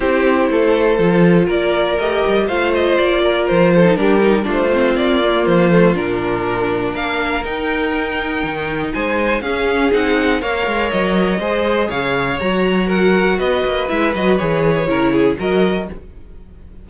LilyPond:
<<
  \new Staff \with { instrumentName = "violin" } { \time 4/4 \tempo 4 = 121 c''2. d''4 | dis''4 f''8 dis''8 d''4 c''4 | ais'4 c''4 d''4 c''4 | ais'2 f''4 g''4~ |
g''2 gis''4 f''4 | fis''4 f''4 dis''2 | f''4 ais''4 fis''4 dis''4 | e''8 dis''8 cis''2 dis''4 | }
  \new Staff \with { instrumentName = "violin" } { \time 4/4 g'4 a'2 ais'4~ | ais'4 c''4. ais'4 a'8 | g'4 f'2.~ | f'2 ais'2~ |
ais'2 c''4 gis'4~ | gis'4 cis''2 c''4 | cis''2 ais'4 b'4~ | b'2 ais'8 gis'8 ais'4 | }
  \new Staff \with { instrumentName = "viola" } { \time 4/4 e'2 f'2 | g'4 f'2~ f'8. dis'16 | d'8 dis'8 d'8 c'4 ais4 a8 | d'2. dis'4~ |
dis'2. cis'4 | dis'4 ais'2 gis'4~ | gis'4 fis'2. | e'8 fis'8 gis'4 e'4 fis'4 | }
  \new Staff \with { instrumentName = "cello" } { \time 4/4 c'4 a4 f4 ais4 | a8 g8 a4 ais4 f4 | g4 a4 ais4 f4 | ais,2 ais4 dis'4~ |
dis'4 dis4 gis4 cis'4 | c'4 ais8 gis8 fis4 gis4 | cis4 fis2 b8 ais8 | gis8 fis8 e4 cis4 fis4 | }
>>